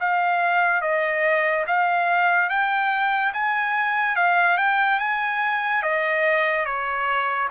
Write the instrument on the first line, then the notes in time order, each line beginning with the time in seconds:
trumpet
0.00 F5
0.81 D#5
1.67 F5
2.49 G5
3.33 G#5
4.16 F5
4.58 G5
4.99 G#5
5.83 D#5
6.65 C#5